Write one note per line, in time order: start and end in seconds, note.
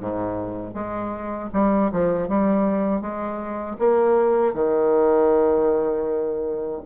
0.00 0.74 G#2
0.74 1.50 G#3
1.53 1.91 G3
1.92 2.29 F3
2.29 3.01 G3
3.01 3.77 G#3
3.79 4.54 A#3
4.54 6.81 D#3